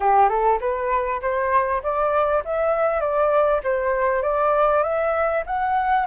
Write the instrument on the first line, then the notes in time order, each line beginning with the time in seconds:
flute
0.00 G4
0.29 A4
0.60 B4
1.21 C5
1.82 D5
2.44 E5
3.00 D5
3.63 C5
4.22 D5
4.83 E5
5.46 F#5